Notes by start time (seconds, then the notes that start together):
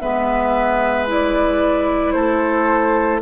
0.00 G#3 B3 B4 E5
1.06 E4 D5
2.12 A3 A4 C5